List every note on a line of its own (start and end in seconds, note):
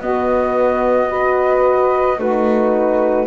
0.00 2.18 B3
0.00 1.09 B3
0.00 1.10 F#4
0.00 2.20 D#5
1.09 2.18 F#4
1.09 2.17 B4
2.17 3.27 A3
2.17 3.27 D#4
2.17 3.27 F#4
2.17 3.27 B4